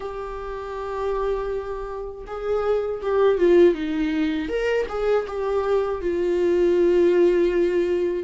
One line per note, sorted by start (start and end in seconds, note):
0.00 2.25 G4
2.26 3.01 G#4
3.01 3.38 G4
3.38 3.74 F4
3.74 4.48 D#4
4.48 4.86 A#4
4.89 5.26 G#4
5.27 6.01 G4
6.01 8.23 F4